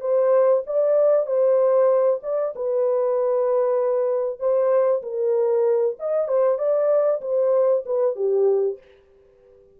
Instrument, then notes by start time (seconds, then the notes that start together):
horn
0.00 C5
0.66 D5
1.26 C5
2.23 D5
2.55 B4
4.39 C5
5.02 A#4
5.99 D#5
6.28 C5
6.58 D5
7.21 C5
7.86 B4
8.15 G4